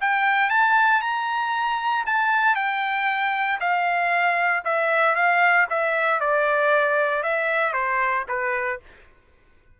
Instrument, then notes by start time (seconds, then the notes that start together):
trumpet
0.00 G5
0.49 A5
1.01 A#5
2.06 A5
2.55 G5
3.59 F5
4.64 E5
5.15 F5
5.69 E5
6.20 D5
7.22 E5
7.73 C5
8.28 B4